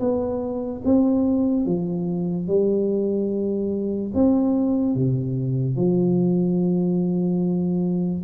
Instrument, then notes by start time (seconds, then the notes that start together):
tuba
0.00 B3
0.85 C4
1.66 F3
2.48 G3
4.15 C4
4.95 C3
5.77 F3